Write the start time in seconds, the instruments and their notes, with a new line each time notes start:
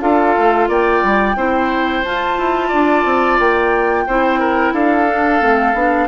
0.00 bassoon D4, clarinet F4, oboe A4, flute F5
0.37 bassoon A3
0.68 bassoon A#3, oboe D5, flute G5
1.03 bassoon G3
1.35 bassoon C4, clarinet E4, oboe C5
2.03 clarinet F4, bassoon F4, flute A5
2.38 bassoon E4
2.68 bassoon D4, oboe D5
3.05 bassoon C4
3.39 bassoon A#3, flute G5
4.07 bassoon C4, clarinet E4, oboe C5
4.39 oboe A#4
4.72 bassoon D4, oboe A4, flute F5
5.08 clarinet D4
5.41 bassoon A3, clarinet C4
5.73 bassoon B3, clarinet D4